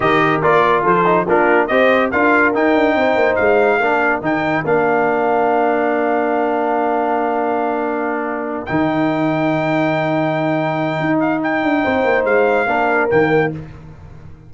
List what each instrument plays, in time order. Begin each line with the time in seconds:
0.00 tuba D#3, trombone G4, horn A#4, trumpet D#5
0.42 tuba A#3, trombone F4, trumpet D5
0.82 tuba F3, horn A4, trumpet C5
1.04 trombone D#4
1.26 tuba A#3, trombone D4, horn F4, trumpet A#4
1.67 tuba C4, trombone G4, horn C5, trumpet D#5
2.11 tuba D4, trombone F4, horn A#4, trumpet F5
2.54 tuba D#4, trombone D#4, trumpet G5
2.74 tuba D4
2.94 tuba C4, horn C5
3.15 tuba A#3
3.35 tuba G#3, trumpet F5
3.79 tuba A#3, trombone D4, horn A#4
4.21 tuba D#3, trombone D#4, trumpet G5
4.64 tuba A#3, trombone D4, trumpet F5
8.65 tuba D#3, trombone D#4, trumpet G5
10.99 tuba D#4
11.20 trumpet F5
11.42 trumpet G5
11.63 tuba D4
11.83 tuba C4, horn C5
12.04 tuba A#3
12.24 tuba G#3, trumpet F5
12.66 tuba A#3, trombone D4, horn A#4
13.09 tuba D#3, trombone A#3, trumpet G5